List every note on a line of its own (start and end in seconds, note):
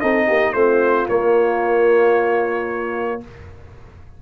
0.00 0.30 C4
0.00 0.55 D#4
0.00 0.27 A4
0.00 0.53 D#5
0.27 0.54 A#3
0.27 0.54 G4
0.53 1.07 A3
0.53 1.08 C4
0.53 3.20 F4
0.53 1.06 C5
1.08 3.21 A#3
1.08 3.22 A#3
1.08 3.21 C#5